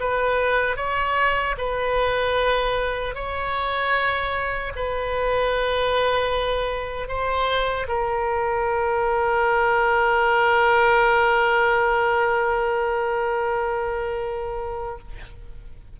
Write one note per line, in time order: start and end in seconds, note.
0.00 0.76 B4
0.76 1.55 C#5
1.58 3.14 B4
3.14 4.72 C#5
4.75 7.08 B4
7.08 7.87 C5
7.88 14.99 A#4